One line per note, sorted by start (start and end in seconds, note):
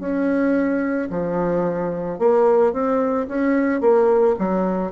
0.00 1.09 C#4
1.11 2.19 F3
2.19 2.73 A#3
2.73 3.28 C4
3.29 3.81 C#4
3.81 4.36 A#3
4.39 4.92 F#3